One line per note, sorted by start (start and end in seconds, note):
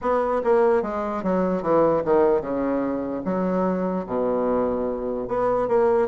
0.01 0.42 B3
0.43 0.82 A#3
0.82 1.23 G#3
1.23 1.62 F#3
1.62 2.03 E3
2.04 2.41 D#3
2.41 3.22 C#3
3.24 4.05 F#3
4.06 5.27 B2
5.27 5.68 B3
5.68 6.08 A#3